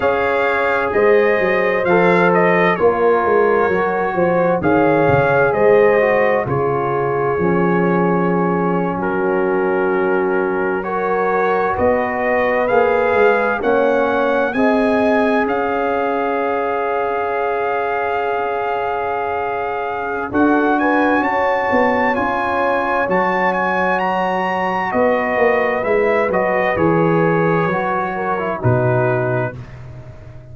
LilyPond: <<
  \new Staff \with { instrumentName = "trumpet" } { \time 4/4 \tempo 4 = 65 f''4 dis''4 f''8 dis''8 cis''4~ | cis''4 f''4 dis''4 cis''4~ | cis''4.~ cis''16 ais'2 cis''16~ | cis''8. dis''4 f''4 fis''4 gis''16~ |
gis''8. f''2.~ f''16~ | f''2 fis''8 gis''8 a''4 | gis''4 a''8 gis''8 ais''4 dis''4 | e''8 dis''8 cis''2 b'4 | }
  \new Staff \with { instrumentName = "horn" } { \time 4/4 cis''4 c''2 ais'4~ | ais'8 c''8 cis''4 c''4 gis'4~ | gis'4.~ gis'16 fis'2 ais'16~ | ais'8. b'2 cis''4 dis''16~ |
dis''8. cis''2.~ cis''16~ | cis''2 a'8 b'8 cis''4~ | cis''2. b'4~ | b'2~ b'8 ais'8 fis'4 | }
  \new Staff \with { instrumentName = "trombone" } { \time 4/4 gis'2 a'4 f'4 | fis'4 gis'4. fis'8 f'4 | cis'2.~ cis'8. fis'16~ | fis'4.~ fis'16 gis'4 cis'4 gis'16~ |
gis'1~ | gis'2 fis'2 | f'4 fis'2. | e'8 fis'8 gis'4 fis'8. e'16 dis'4 | }
  \new Staff \with { instrumentName = "tuba" } { \time 4/4 cis'4 gis8 fis8 f4 ais8 gis8 | fis8 f8 dis8 cis8 gis4 cis4 | f4.~ f16 fis2~ fis16~ | fis8. b4 ais8 gis8 ais4 c'16~ |
c'8. cis'2.~ cis'16~ | cis'2 d'4 cis'8 b8 | cis'4 fis2 b8 ais8 | gis8 fis8 e4 fis4 b,4 | }
>>